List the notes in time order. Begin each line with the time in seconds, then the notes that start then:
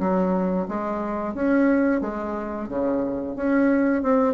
0.00 F#3
0.69 G#3
1.35 C#4
2.01 G#3
2.69 C#3
3.36 C#4
4.03 C4